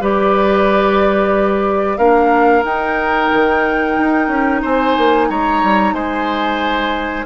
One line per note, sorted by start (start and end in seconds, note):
0.00 1.98 G3
0.00 1.98 G4
0.00 1.98 B4
0.00 1.97 D5
1.97 2.63 A#3
1.97 2.63 D4
1.97 4.61 A#4
1.97 2.63 F5
2.63 7.24 D#4
2.63 3.29 D#4
2.63 4.62 G5
3.32 3.98 D#3
3.98 4.28 D#4
4.28 4.61 C#4
4.62 4.97 C4
4.62 5.27 C5
4.62 5.29 G#5
4.97 5.30 A#3
5.29 5.62 G#3
5.29 5.94 C#5
5.29 5.94 A#5
5.63 5.93 G3
5.93 7.25 G#3
5.93 7.26 C5
5.93 7.26 G#5